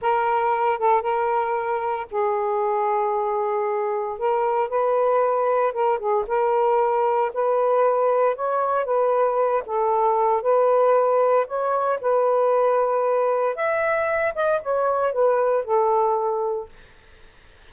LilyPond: \new Staff \with { instrumentName = "saxophone" } { \time 4/4 \tempo 4 = 115 ais'4. a'8 ais'2 | gis'1 | ais'4 b'2 ais'8 gis'8 | ais'2 b'2 |
cis''4 b'4. a'4. | b'2 cis''4 b'4~ | b'2 e''4. dis''8 | cis''4 b'4 a'2 | }